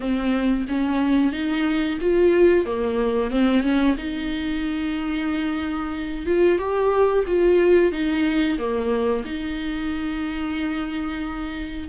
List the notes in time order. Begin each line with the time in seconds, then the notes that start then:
0.00 C4
0.68 C#4
1.32 D#4
2.00 F4
2.65 A#3
3.30 C4
3.62 C#4
3.97 D#4
6.26 F4
6.58 G4
7.26 F4
7.92 D#4
8.58 A#3
9.25 D#4